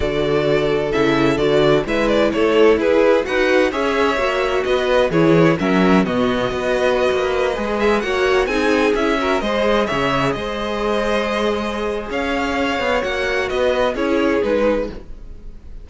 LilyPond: <<
  \new Staff \with { instrumentName = "violin" } { \time 4/4 \tempo 4 = 129 d''2 e''4 d''4 | e''8 d''8 cis''4 b'4 fis''4 | e''2 dis''4 cis''4 | e''4 dis''2.~ |
dis''8. e''8 fis''4 gis''4 e''8.~ | e''16 dis''4 e''4 dis''4.~ dis''16~ | dis''2 f''2 | fis''4 dis''4 cis''4 b'4 | }
  \new Staff \with { instrumentName = "violin" } { \time 4/4 a'1 | b'4 a'4 gis'4 b'4 | cis''2 b'4 gis'4 | ais'4 fis'4 b'2~ |
b'4~ b'16 cis''4 gis'4. ais'16~ | ais'16 c''4 cis''4 c''4.~ c''16~ | c''2 cis''2~ | cis''4 b'4 gis'2 | }
  \new Staff \with { instrumentName = "viola" } { \time 4/4 fis'2 e'4 fis'4 | e'2. fis'4 | gis'4 fis'2 e'4 | cis'4 b4 fis'2~ |
fis'16 gis'4 fis'4 dis'4 e'8 fis'16~ | fis'16 gis'2.~ gis'8.~ | gis'1 | fis'2 e'4 dis'4 | }
  \new Staff \with { instrumentName = "cello" } { \time 4/4 d2 cis4 d4 | gis4 a4 e'4 dis'4 | cis'4 ais4 b4 e4 | fis4 b,4 b4~ b16 ais8.~ |
ais16 gis4 ais4 c'4 cis'8.~ | cis'16 gis4 cis4 gis4.~ gis16~ | gis2 cis'4. b8 | ais4 b4 cis'4 gis4 | }
>>